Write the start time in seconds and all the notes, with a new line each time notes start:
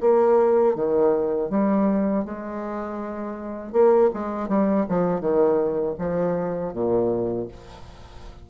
0.00 A#3
0.75 D#3
1.49 G3
2.24 G#3
3.72 A#3
4.13 G#3
4.48 G3
4.89 F3
5.20 D#3
5.98 F3
6.73 A#2